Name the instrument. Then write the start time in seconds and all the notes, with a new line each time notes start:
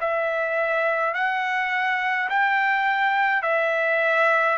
trumpet
0.00 E5
1.14 F#5
2.29 G5
3.42 E5